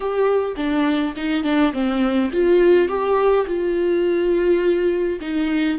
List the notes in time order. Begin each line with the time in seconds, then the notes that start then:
0.00 G4
0.56 D4
1.16 D#4
1.43 D4
1.73 C4
2.32 F4
2.88 G4
3.46 F4
5.21 D#4